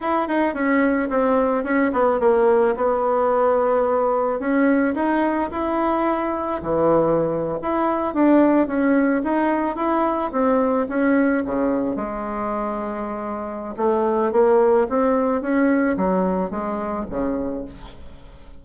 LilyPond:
\new Staff \with { instrumentName = "bassoon" } { \time 4/4 \tempo 4 = 109 e'8 dis'8 cis'4 c'4 cis'8 b8 | ais4 b2. | cis'4 dis'4 e'2 | e4.~ e16 e'4 d'4 cis'16~ |
cis'8. dis'4 e'4 c'4 cis'16~ | cis'8. cis4 gis2~ gis16~ | gis4 a4 ais4 c'4 | cis'4 fis4 gis4 cis4 | }